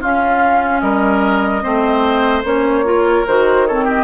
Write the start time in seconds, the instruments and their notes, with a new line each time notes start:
0.00 bassoon C#4, clarinet C#4, oboe F4, flute F5
0.80 bassoon G3, oboe A#4, flute D#5
1.62 bassoon A3, clarinet C4, oboe C5
2.44 bassoon A#3, clarinet C#4, flute C#5
2.84 clarinet F4, oboe A#4
3.27 bassoon D#3, clarinet F#4, flute C5
3.66 clarinet C4, oboe A4, flute C#5
3.84 oboe G4, flute D#5